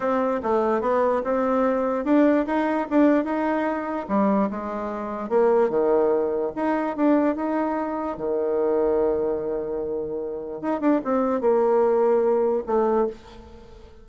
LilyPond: \new Staff \with { instrumentName = "bassoon" } { \time 4/4 \tempo 4 = 147 c'4 a4 b4 c'4~ | c'4 d'4 dis'4 d'4 | dis'2 g4 gis4~ | gis4 ais4 dis2 |
dis'4 d'4 dis'2 | dis1~ | dis2 dis'8 d'8 c'4 | ais2. a4 | }